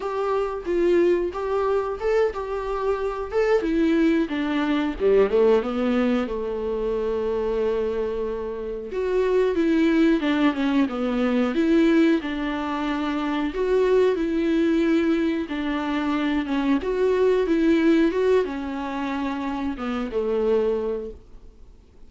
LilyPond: \new Staff \with { instrumentName = "viola" } { \time 4/4 \tempo 4 = 91 g'4 f'4 g'4 a'8 g'8~ | g'4 a'8 e'4 d'4 g8 | a8 b4 a2~ a8~ | a4. fis'4 e'4 d'8 |
cis'8 b4 e'4 d'4.~ | d'8 fis'4 e'2 d'8~ | d'4 cis'8 fis'4 e'4 fis'8 | cis'2 b8 a4. | }